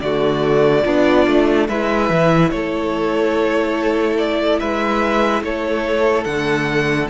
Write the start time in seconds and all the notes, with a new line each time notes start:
0.00 D3 A3 F#4 D5
0.83 B3 D4 F4
1.27 A3
1.68 G#3 E4 B4 E5
2.09 E3
2.50 A3 A4 C#5
4.17 D5
4.59 G#3 B4 E5
5.41 A3 A4 C#5
6.24 D3 A3 F#5